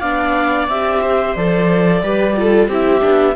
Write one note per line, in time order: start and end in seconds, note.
0.00 0.68 B3
0.00 0.69 D4
0.00 1.00 D5
0.00 0.67 F5
0.68 1.35 C4
0.68 1.37 G4
0.68 1.35 E5
1.02 2.02 C5
1.35 2.03 F3
1.35 2.02 A4
1.35 2.68 D5
2.02 2.68 G3
2.02 2.35 G4
2.02 2.37 B4
2.36 2.70 F4
2.36 2.69 A4
2.68 3.01 C4
2.68 3.00 E4
2.68 3.35 G4
2.68 3.36 E5
3.00 3.36 B3
3.00 3.34 D4